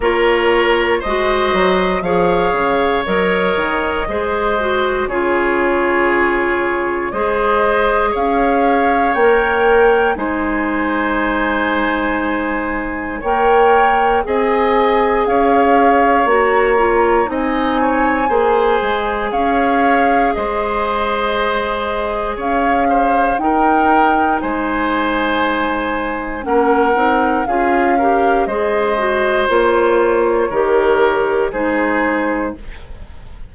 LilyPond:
<<
  \new Staff \with { instrumentName = "flute" } { \time 4/4 \tempo 4 = 59 cis''4 dis''4 f''4 dis''4~ | dis''4 cis''2 dis''4 | f''4 g''4 gis''2~ | gis''4 g''4 gis''4 f''4 |
ais''4 gis''2 f''4 | dis''2 f''4 g''4 | gis''2 fis''4 f''4 | dis''4 cis''2 c''4 | }
  \new Staff \with { instrumentName = "oboe" } { \time 4/4 ais'4 c''4 cis''2 | c''4 gis'2 c''4 | cis''2 c''2~ | c''4 cis''4 dis''4 cis''4~ |
cis''4 dis''8 cis''8 c''4 cis''4 | c''2 cis''8 c''8 ais'4 | c''2 ais'4 gis'8 ais'8 | c''2 ais'4 gis'4 | }
  \new Staff \with { instrumentName = "clarinet" } { \time 4/4 f'4 fis'4 gis'4 ais'4 | gis'8 fis'8 f'2 gis'4~ | gis'4 ais'4 dis'2~ | dis'4 ais'4 gis'2 |
fis'8 f'8 dis'4 gis'2~ | gis'2. dis'4~ | dis'2 cis'8 dis'8 f'8 g'8 | gis'8 fis'8 f'4 g'4 dis'4 | }
  \new Staff \with { instrumentName = "bassoon" } { \time 4/4 ais4 gis8 fis8 f8 cis8 fis8 dis8 | gis4 cis2 gis4 | cis'4 ais4 gis2~ | gis4 ais4 c'4 cis'4 |
ais4 c'4 ais8 gis8 cis'4 | gis2 cis'4 dis'4 | gis2 ais8 c'8 cis'4 | gis4 ais4 dis4 gis4 | }
>>